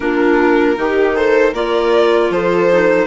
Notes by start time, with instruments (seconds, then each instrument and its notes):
0.00 bassoon A#3, clarinet D4, viola F4, violin A#4
0.75 bassoon D#3, clarinet D#4, viola G4
1.15 viola A4, violin C5
1.51 bassoon A#3, clarinet F4, viola A#4, violin D5
2.29 bassoon F3, viola A4, violin C5
2.71 clarinet D#4